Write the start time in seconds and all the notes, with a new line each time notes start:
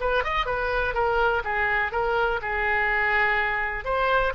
0.00 B4
0.24 D#5
0.46 B4
0.94 A#4
1.44 G#4
1.92 A#4
2.42 G#4
3.84 C5